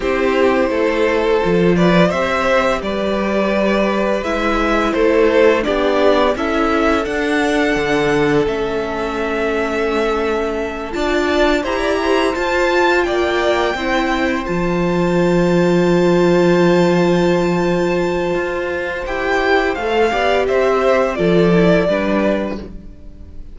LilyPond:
<<
  \new Staff \with { instrumentName = "violin" } { \time 4/4 \tempo 4 = 85 c''2~ c''8 d''8 e''4 | d''2 e''4 c''4 | d''4 e''4 fis''2 | e''2.~ e''8 a''8~ |
a''8 ais''4 a''4 g''4.~ | g''8 a''2.~ a''8~ | a''2. g''4 | f''4 e''4 d''2 | }
  \new Staff \with { instrumentName = "violin" } { \time 4/4 g'4 a'4. b'8 c''4 | b'2. a'4 | g'4 a'2.~ | a'2.~ a'8 d''8~ |
d''8 c''16 d''16 c''4. d''4 c''8~ | c''1~ | c''1~ | c''8 d''8 c''4 a'4 b'4 | }
  \new Staff \with { instrumentName = "viola" } { \time 4/4 e'2 f'4 g'4~ | g'2 e'2 | d'4 e'4 d'2 | cis'2.~ cis'8 f'8~ |
f'8 g'4 f'2 e'8~ | e'8 f'2.~ f'8~ | f'2. g'4 | a'8 g'4. f'8 e'8 d'4 | }
  \new Staff \with { instrumentName = "cello" } { \time 4/4 c'4 a4 f4 c'4 | g2 gis4 a4 | b4 cis'4 d'4 d4 | a2.~ a8 d'8~ |
d'8 e'4 f'4 ais4 c'8~ | c'8 f2.~ f8~ | f2 f'4 e'4 | a8 b8 c'4 f4 g4 | }
>>